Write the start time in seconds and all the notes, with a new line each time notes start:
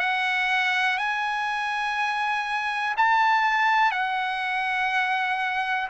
0.00 F#5
0.98 G#5
2.98 A5
3.92 F#5